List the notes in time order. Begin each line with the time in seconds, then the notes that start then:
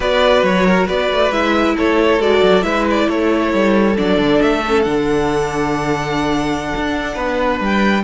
0.00 B3 F#4 B4 D5
0.43 F#3 C#5
0.66 A#4
0.87 B3 B4 D5
1.11 A3
1.30 G#3 E4 E5
1.76 A3 A4 C#5
2.19 G#3 F#4 D5
2.42 F#3
2.62 G#3 E4 B4 E5
2.90 D5
3.08 A3 A4 C#5
3.53 G3
3.96 F#3 D4 D5
4.17 D3
4.41 A3 E5
4.67 C#4
4.82 D3 D4 F#5
6.75 D4
7.14 B3 B4
7.60 G3 G5